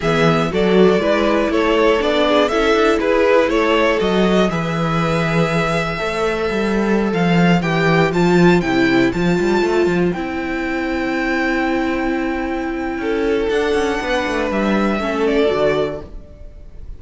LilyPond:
<<
  \new Staff \with { instrumentName = "violin" } { \time 4/4 \tempo 4 = 120 e''4 d''2 cis''4 | d''4 e''4 b'4 cis''4 | dis''4 e''2.~ | e''2~ e''16 f''4 g''8.~ |
g''16 a''4 g''4 a''4.~ a''16~ | a''16 g''2.~ g''8.~ | g''2. fis''4~ | fis''4 e''4. d''4. | }
  \new Staff \with { instrumentName = "violin" } { \time 4/4 gis'4 a'4 b'4 a'4~ | a'8 gis'8 a'4 gis'4 a'4~ | a'4 b'2. | c''1~ |
c''1~ | c''1~ | c''2 a'2 | b'2 a'2 | }
  \new Staff \with { instrumentName = "viola" } { \time 4/4 b4 fis'4 e'2 | d'4 e'2. | fis'4 gis'2. | a'2.~ a'16 g'8.~ |
g'16 f'4 e'4 f'4.~ f'16~ | f'16 e'2.~ e'8.~ | e'2. d'4~ | d'2 cis'4 fis'4 | }
  \new Staff \with { instrumentName = "cello" } { \time 4/4 e4 fis4 gis4 a4 | b4 cis'8 d'8 e'4 a4 | fis4 e2. | a4 g4~ g16 f4 e8.~ |
e16 f4 c4 f8 g8 a8 f16~ | f16 c'2.~ c'8.~ | c'2 cis'4 d'8 cis'8 | b8 a8 g4 a4 d4 | }
>>